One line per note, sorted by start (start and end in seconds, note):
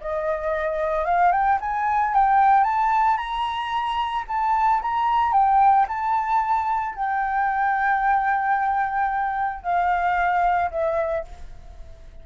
0.00 1.05 D#5
1.05 1.31 F5
1.31 1.58 G5
1.60 2.14 G#5
2.14 2.63 G5
2.63 3.17 A5
3.17 4.24 A#5
4.27 4.81 A5
4.81 5.32 A#5
5.32 5.86 G5
5.88 6.95 A5
6.95 9.63 G5
9.63 10.70 F5
10.70 11.24 E5